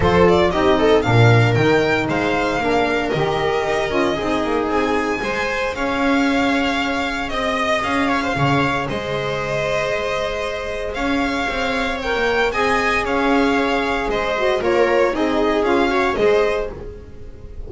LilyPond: <<
  \new Staff \with { instrumentName = "violin" } { \time 4/4 \tempo 4 = 115 c''8 d''8 dis''4 f''4 g''4 | f''2 dis''2~ | dis''4 gis''2 f''4~ | f''2 dis''4 f''4~ |
f''4 dis''2.~ | dis''4 f''2 g''4 | gis''4 f''2 dis''4 | cis''4 dis''4 f''4 dis''4 | }
  \new Staff \with { instrumentName = "viola" } { \time 4/4 a'4 g'8 a'8 ais'2 | c''4 ais'2. | gis'2 c''4 cis''4~ | cis''2 dis''4. cis''16 c''16 |
cis''4 c''2.~ | c''4 cis''2. | dis''4 cis''2 c''4 | ais'4 gis'4. cis''8 c''4 | }
  \new Staff \with { instrumentName = "saxophone" } { \time 4/4 f'4 dis'4 d'4 dis'4~ | dis'4 d'4 g'4. f'8 | dis'2 gis'2~ | gis'1~ |
gis'1~ | gis'2. ais'4 | gis'2.~ gis'8 fis'8 | f'4 dis'4 f'8 fis'8 gis'4 | }
  \new Staff \with { instrumentName = "double bass" } { \time 4/4 f4 c'4 ais,4 dis4 | gis4 ais4 dis4 dis'8 cis'8 | c'8 ais8 c'4 gis4 cis'4~ | cis'2 c'4 cis'4 |
cis4 gis2.~ | gis4 cis'4 c'4~ c'16 ais8. | c'4 cis'2 gis4 | ais4 c'4 cis'4 gis4 | }
>>